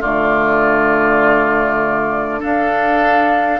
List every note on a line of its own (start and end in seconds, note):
0.00 2.42 D3
0.00 2.40 A3
0.00 2.40 F4
0.00 2.42 D5
2.40 3.60 D4
2.40 3.60 A4
2.40 3.60 F5